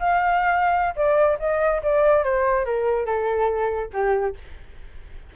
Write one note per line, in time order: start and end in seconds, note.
0.00 0.95 F5
0.96 1.38 D5
1.40 1.82 D#5
1.83 2.25 D5
2.25 2.65 C5
2.65 3.06 A#4
3.06 3.91 A4
3.94 4.36 G4